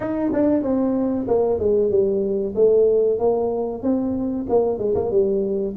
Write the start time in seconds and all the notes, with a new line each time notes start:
0.00 D#4
0.33 D4
0.62 C4
1.27 A#3
1.59 G#3
1.90 G3
2.55 A3
3.19 A#3
3.82 C4
4.49 A#3
4.78 G#3
4.95 A#3
5.10 G3